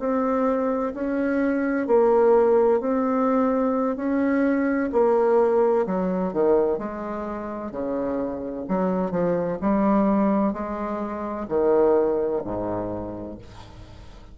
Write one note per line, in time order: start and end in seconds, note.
0.00 0.94 C4
0.95 1.87 C#4
1.87 2.81 A#3
2.81 3.97 C4
3.97 4.90 C#4
4.93 5.86 A#3
5.87 6.33 F#3
6.33 6.79 D#3
6.79 7.72 G#3
7.72 8.66 C#3
8.68 9.12 F#3
9.12 9.58 F3
9.62 10.53 G3
10.53 11.47 G#3
11.49 12.43 D#3
12.45 13.38 G#2